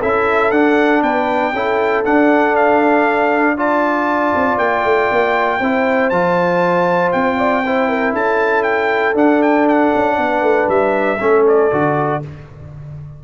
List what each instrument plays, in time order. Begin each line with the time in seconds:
0.00 tuba C#4, trombone E4, horn A4, trumpet E5
0.51 tuba D4, trombone D4, trumpet F#5
1.02 tuba B3, horn B4, trumpet G5
1.53 tuba C#4, trombone E4, horn A4
2.04 tuba D4, trombone D4, trumpet F#5
2.56 trumpet F5
3.55 trombone F4, horn D5, trumpet A5
4.35 tuba C4
4.58 tuba A#3, trumpet G5
4.84 tuba A3
5.11 tuba A#3
5.59 tuba C4, trombone E4, horn C5
6.09 tuba F3, trombone F4, trumpet A5
7.12 tuba C4, trumpet G5
7.37 horn D5
7.65 trombone E4, horn C5
7.89 horn A#4
8.13 tuba C#4, horn A4, trumpet A5
8.63 trumpet G5
9.14 tuba D4, trombone D4, trumpet F#5
9.42 trumpet G5
9.68 trumpet F#5
9.95 tuba C#4
10.17 tuba B3, horn B4
10.42 tuba A3
10.68 tuba G3, trumpet E5
11.20 tuba A3, trombone C#4, horn A4
11.47 trumpet D5
11.71 tuba D3, trombone F#4